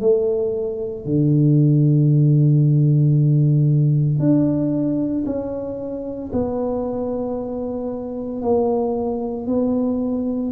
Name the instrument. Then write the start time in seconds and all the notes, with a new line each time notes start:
tuba
0.00 A3
1.05 D3
4.19 D4
5.26 C#4
6.33 B3
8.42 A#3
9.47 B3